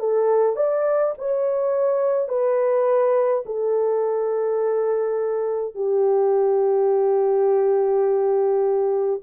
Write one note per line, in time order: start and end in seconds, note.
0.00 0.56 A4
0.56 1.14 D5
1.18 2.29 C#5
2.29 3.44 B4
3.46 5.75 A4
5.75 9.21 G4